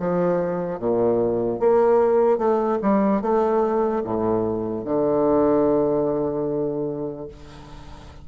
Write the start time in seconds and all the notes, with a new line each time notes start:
0.00 F3
0.79 A#2
1.60 A#3
2.38 A3
2.82 G3
3.22 A3
4.04 A2
4.85 D3